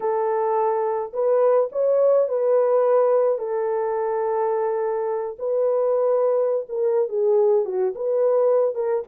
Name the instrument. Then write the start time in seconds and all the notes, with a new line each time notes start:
horn
0.00 A4
1.13 B4
1.72 C#5
2.28 B4
3.38 A4
5.38 B4
6.68 A#4
7.08 G#4
7.65 F#4
7.95 B4
8.75 A#4